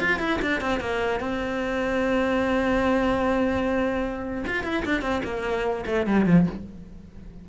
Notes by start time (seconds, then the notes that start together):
0.00 F4
0.19 E4
0.41 D4
0.61 C4
0.80 A#3
1.20 C4
4.47 F4
4.63 E4
4.85 D4
5.02 C4
5.24 A#3
5.86 A3
6.06 G3
6.26 F3